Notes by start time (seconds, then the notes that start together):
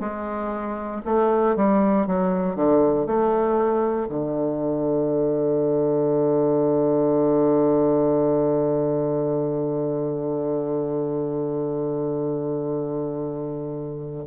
0.00 G#3
1.05 A3
1.56 G3
2.07 F#3
2.56 D3
3.06 A3
4.09 D3